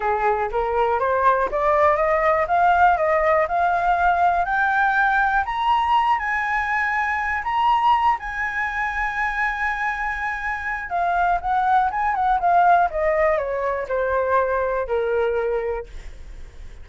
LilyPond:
\new Staff \with { instrumentName = "flute" } { \time 4/4 \tempo 4 = 121 gis'4 ais'4 c''4 d''4 | dis''4 f''4 dis''4 f''4~ | f''4 g''2 ais''4~ | ais''8 gis''2~ gis''8 ais''4~ |
ais''8 gis''2.~ gis''8~ | gis''2 f''4 fis''4 | gis''8 fis''8 f''4 dis''4 cis''4 | c''2 ais'2 | }